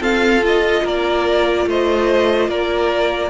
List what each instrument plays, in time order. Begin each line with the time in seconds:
0.00 viola C4, cello F4, violin A4 F5
0.43 viola F4, violin D#5
0.84 cello A#3, violin A#4 D5
1.66 cello A3, violin C5 D#5
2.48 cello A#3, violin A#4 D5